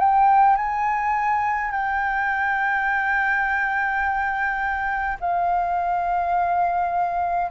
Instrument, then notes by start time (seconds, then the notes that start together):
flute
0.00 G5
0.57 G#5
1.72 G5
5.20 F5